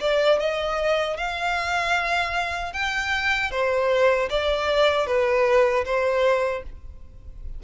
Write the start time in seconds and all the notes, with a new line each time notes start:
0.00 D5
0.39 D#5
1.17 F5
2.73 G5
3.51 C5
4.29 D5
5.06 B4
5.85 C5